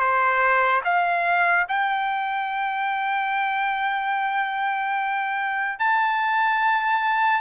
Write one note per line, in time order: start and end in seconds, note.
0.00 0.82 C5
0.84 1.67 F5
1.68 5.79 G5
5.79 7.41 A5